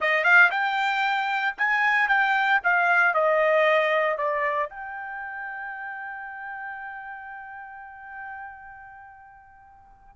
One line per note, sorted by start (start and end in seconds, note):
0.00 0.23 D#5
0.23 0.50 F5
0.51 1.55 G5
1.57 2.08 G#5
2.08 2.60 G5
2.63 3.14 F5
3.14 4.17 D#5
4.17 4.69 D5
4.69 10.15 G5